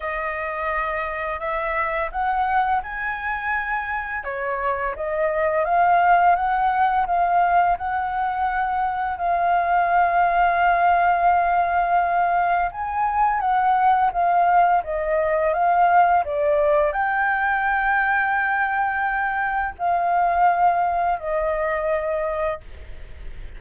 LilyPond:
\new Staff \with { instrumentName = "flute" } { \time 4/4 \tempo 4 = 85 dis''2 e''4 fis''4 | gis''2 cis''4 dis''4 | f''4 fis''4 f''4 fis''4~ | fis''4 f''2.~ |
f''2 gis''4 fis''4 | f''4 dis''4 f''4 d''4 | g''1 | f''2 dis''2 | }